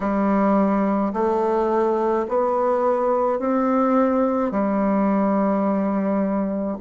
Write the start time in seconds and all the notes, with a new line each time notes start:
0.00 G3
1.13 A3
2.28 B3
3.39 C4
4.51 G3